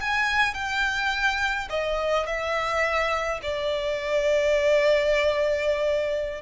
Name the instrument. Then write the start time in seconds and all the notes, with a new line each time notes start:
violin
0.00 G#5
0.54 G5
1.70 D#5
2.26 E5
3.42 D5